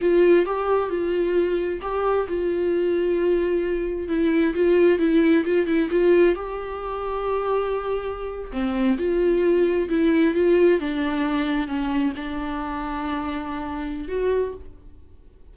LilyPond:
\new Staff \with { instrumentName = "viola" } { \time 4/4 \tempo 4 = 132 f'4 g'4 f'2 | g'4 f'2.~ | f'4 e'4 f'4 e'4 | f'8 e'8 f'4 g'2~ |
g'2~ g'8. c'4 f'16~ | f'4.~ f'16 e'4 f'4 d'16~ | d'4.~ d'16 cis'4 d'4~ d'16~ | d'2. fis'4 | }